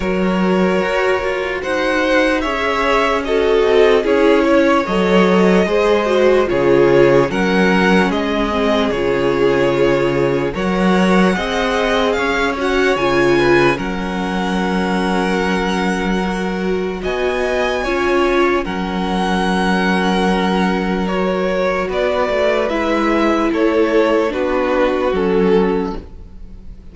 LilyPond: <<
  \new Staff \with { instrumentName = "violin" } { \time 4/4 \tempo 4 = 74 cis''2 fis''4 e''4 | dis''4 cis''4 dis''2 | cis''4 fis''4 dis''4 cis''4~ | cis''4 fis''2 f''8 fis''8 |
gis''4 fis''2.~ | fis''4 gis''2 fis''4~ | fis''2 cis''4 d''4 | e''4 cis''4 b'4 a'4 | }
  \new Staff \with { instrumentName = "violin" } { \time 4/4 ais'2 c''4 cis''4 | a'4 gis'8 cis''4. c''4 | gis'4 ais'4 gis'2~ | gis'4 cis''4 dis''4 cis''4~ |
cis''8 b'8 ais'2.~ | ais'4 dis''4 cis''4 ais'4~ | ais'2. b'4~ | b'4 a'4 fis'2 | }
  \new Staff \with { instrumentName = "viola" } { \time 4/4 fis'2. gis'4 | fis'4 e'4 a'4 gis'8 fis'8 | f'4 cis'4. c'8 f'4~ | f'4 ais'4 gis'4. fis'8 |
f'4 cis'2. | fis'2 f'4 cis'4~ | cis'2 fis'2 | e'2 d'4 cis'4 | }
  \new Staff \with { instrumentName = "cello" } { \time 4/4 fis4 fis'8 f'8 dis'4 cis'4~ | cis'8 c'8 cis'4 fis4 gis4 | cis4 fis4 gis4 cis4~ | cis4 fis4 c'4 cis'4 |
cis4 fis2.~ | fis4 b4 cis'4 fis4~ | fis2. b8 a8 | gis4 a4 b4 fis4 | }
>>